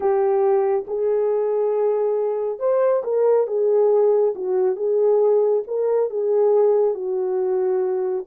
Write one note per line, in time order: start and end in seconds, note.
0.00 0.85 G4
0.87 2.59 G#4
2.59 3.02 C5
3.03 3.47 A#4
3.47 4.34 G#4
4.35 4.75 F#4
4.75 5.62 G#4
5.67 6.10 A#4
6.10 6.94 G#4
6.94 8.25 F#4